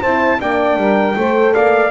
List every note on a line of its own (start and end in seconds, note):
0.00 0.40 C4
0.00 0.39 E4
0.00 0.38 C5
0.00 0.40 A5
0.39 0.76 A#3
0.39 1.15 D4
0.39 0.78 D5
0.39 1.54 G5
0.76 1.14 G3
0.76 1.16 A#4
1.15 1.54 A3
1.15 1.91 A4
1.15 1.53 C5
1.53 1.91 A#3
1.53 1.91 D5
1.53 1.91 F5